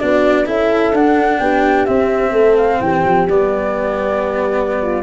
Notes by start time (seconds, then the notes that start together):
0.00 B3 D4 F#4 D5
0.46 C#4 E4 A4 E5
0.93 D4 F#5
1.40 B3 G4 G5
1.86 C4 E5
2.33 A3 A4
2.58 F5
2.81 E3 G4 G5
3.05 F3
3.28 G3 B3 D5
4.82 F4